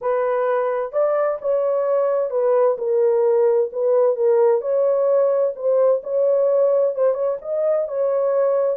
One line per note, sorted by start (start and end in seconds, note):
0.01 0.92 B4
0.92 1.38 D5
1.41 2.30 C#5
2.30 2.76 B4
2.78 3.70 A#4
3.72 4.16 B4
4.16 4.61 A#4
4.61 5.53 C#5
5.55 6.01 C5
6.03 6.95 C#5
6.95 7.13 C5
7.13 7.37 C#5
7.41 7.87 D#5
7.88 8.77 C#5